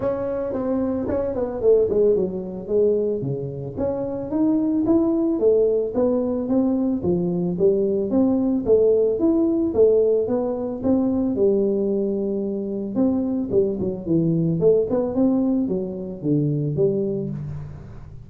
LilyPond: \new Staff \with { instrumentName = "tuba" } { \time 4/4 \tempo 4 = 111 cis'4 c'4 cis'8 b8 a8 gis8 | fis4 gis4 cis4 cis'4 | dis'4 e'4 a4 b4 | c'4 f4 g4 c'4 |
a4 e'4 a4 b4 | c'4 g2. | c'4 g8 fis8 e4 a8 b8 | c'4 fis4 d4 g4 | }